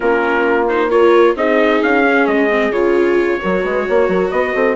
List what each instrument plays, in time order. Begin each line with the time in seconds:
0.00 bassoon A#3, viola C#4, horn F4, trumpet A#4
0.68 viola D#4, trumpet C5
0.90 viola F4, horn A#4, trumpet C#5
1.35 bassoon C4, viola D#4, horn G#4, trumpet D#5
1.82 bassoon C#4, trumpet F5
2.03 viola C#4
2.27 bassoon G#3, trumpet D#5
2.50 viola C4
2.70 bassoon C#3, viola F4, trumpet C#5
3.40 bassoon F#3, viola F#4, horn A#4
3.63 bassoon G#3, horn B4
3.87 bassoon A#3, horn C#5
4.08 bassoon F#3, horn A#4
4.30 bassoon B3, horn B4, trumpet D#5
4.55 bassoon C4, horn A4